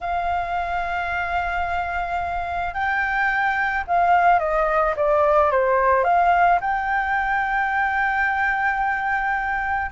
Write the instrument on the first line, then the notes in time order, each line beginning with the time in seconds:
flute
0.01 F5
2.74 G5
3.87 F5
4.39 D#5
4.96 D5
5.51 C5
6.04 F5
6.61 G5